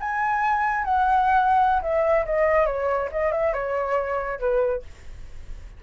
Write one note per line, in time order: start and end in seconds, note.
0.00 0.85 G#5
0.85 1.82 F#5
1.82 2.25 E5
2.26 2.66 D#5
2.66 3.09 C#5
3.12 3.32 D#5
3.32 3.53 E5
3.53 4.39 C#5
4.39 4.82 B4